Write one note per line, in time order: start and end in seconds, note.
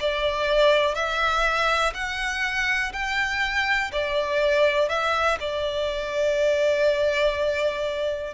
0.00 0.95 D5
0.95 1.93 E5
1.94 2.92 F#5
2.93 3.91 G5
3.92 4.89 D5
4.89 5.38 E5
5.40 8.34 D5